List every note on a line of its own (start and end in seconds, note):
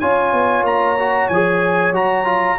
0.00 0.33 C#4
0.00 0.99 F4
0.00 2.58 C#5
0.00 0.65 G#5
0.33 0.63 B3
0.63 1.28 A#3
0.63 1.29 A#5
1.00 1.32 F#4
1.29 1.93 F3
1.29 1.94 G#4
1.29 1.93 G#5
1.93 2.57 F#3
1.93 2.25 F#4
1.93 2.59 A#5
2.25 2.57 F4